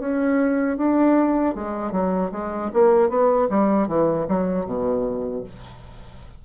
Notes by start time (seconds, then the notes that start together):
0.00 C#4
0.78 D4
1.55 G#3
1.92 F#3
2.32 G#3
2.74 A#3
3.10 B3
3.50 G3
3.88 E3
4.29 F#3
4.66 B2